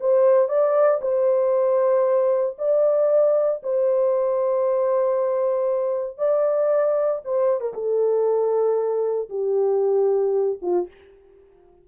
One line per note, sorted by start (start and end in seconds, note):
0.00 0.49 C5
0.49 1.00 D5
1.02 2.57 C5
2.58 3.62 D5
3.63 6.18 C5
6.18 7.21 D5
7.24 7.60 C5
7.60 7.73 A#4
7.74 9.29 A4
9.29 10.59 G4
10.62 10.88 F4